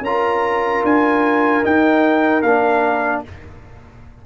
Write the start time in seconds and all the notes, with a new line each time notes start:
0.00 C#4 F4 A#4 A#5
0.83 D4 G#5
1.62 D#4 G5
2.42 A#3 D4 F5